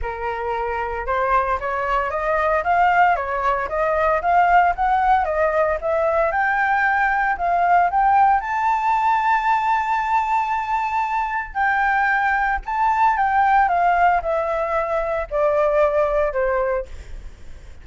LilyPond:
\new Staff \with { instrumentName = "flute" } { \time 4/4 \tempo 4 = 114 ais'2 c''4 cis''4 | dis''4 f''4 cis''4 dis''4 | f''4 fis''4 dis''4 e''4 | g''2 f''4 g''4 |
a''1~ | a''2 g''2 | a''4 g''4 f''4 e''4~ | e''4 d''2 c''4 | }